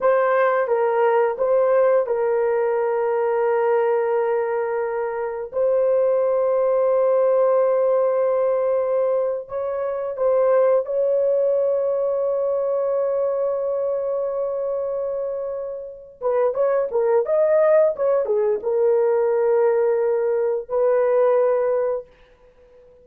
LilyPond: \new Staff \with { instrumentName = "horn" } { \time 4/4 \tempo 4 = 87 c''4 ais'4 c''4 ais'4~ | ais'1 | c''1~ | c''4.~ c''16 cis''4 c''4 cis''16~ |
cis''1~ | cis''2.~ cis''8 b'8 | cis''8 ais'8 dis''4 cis''8 gis'8 ais'4~ | ais'2 b'2 | }